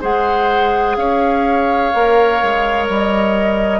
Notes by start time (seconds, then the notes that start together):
0.00 G#3 G#4 C5 F#5
0.96 C#4 C#5 F5
1.93 A#3 A#4
2.43 G#3
2.88 G3 D#5